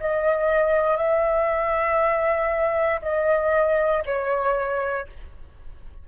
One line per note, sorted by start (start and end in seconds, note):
0.00 0.97 D#5
0.97 3.00 E5
3.02 4.04 D#5
4.05 5.07 C#5